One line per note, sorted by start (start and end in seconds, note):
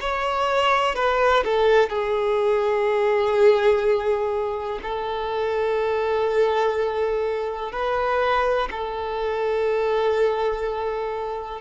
0.00 0.95 C#5
0.95 1.43 B4
1.44 1.89 A4
1.89 4.79 G#4
4.82 7.72 A4
7.72 8.68 B4
8.71 11.61 A4